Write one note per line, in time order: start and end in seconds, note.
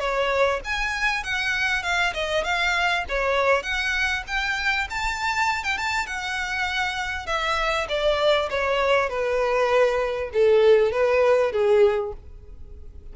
0.00 0.61 C#5
0.65 1.24 G#5
1.24 1.83 F#5
1.83 2.13 F5
2.14 2.44 D#5
2.44 3.05 F5
3.09 3.63 C#5
3.63 4.24 F#5
4.27 4.88 G5
4.90 5.64 A5
5.64 5.78 G5
5.78 6.07 A5
6.07 7.27 F#5
7.27 7.87 E5
7.89 8.50 D5
8.50 9.09 C#5
9.09 10.31 B4
10.34 10.92 A4
10.92 11.52 B4
11.52 12.13 G#4